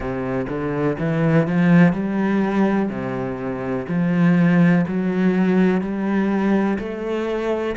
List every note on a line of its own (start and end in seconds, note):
0.00 0.46 C3
0.48 0.97 D3
0.99 1.47 E3
1.47 1.93 F3
1.93 2.89 G3
2.89 3.85 C3
3.88 4.85 F3
4.87 5.81 F#3
5.81 6.77 G3
6.78 7.75 A3